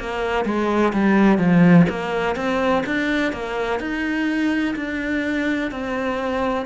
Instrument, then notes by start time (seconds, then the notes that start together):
cello
0.00 A#3
0.45 G#3
0.93 G3
1.38 F3
1.90 A#3
2.36 C4
2.86 D4
3.32 A#3
3.80 D#4
4.76 D4
5.71 C4